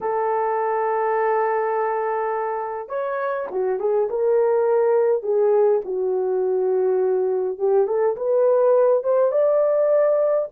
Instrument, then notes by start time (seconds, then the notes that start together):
horn
0.00 A4
2.88 C#5
3.51 F#4
3.79 G#4
4.09 A#4
5.22 G#4
5.85 F#4
7.58 G4
7.87 A4
8.16 B4
9.03 C5
9.31 D5